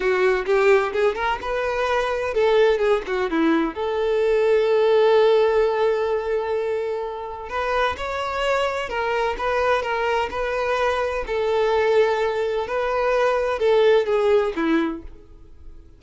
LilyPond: \new Staff \with { instrumentName = "violin" } { \time 4/4 \tempo 4 = 128 fis'4 g'4 gis'8 ais'8 b'4~ | b'4 a'4 gis'8 fis'8 e'4 | a'1~ | a'1 |
b'4 cis''2 ais'4 | b'4 ais'4 b'2 | a'2. b'4~ | b'4 a'4 gis'4 e'4 | }